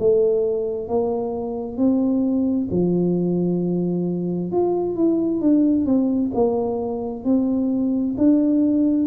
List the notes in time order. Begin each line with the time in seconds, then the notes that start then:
0.00 A3
0.88 A#3
1.78 C4
2.71 F3
4.52 F4
4.96 E4
5.41 D4
5.86 C4
6.35 A#3
7.25 C4
8.18 D4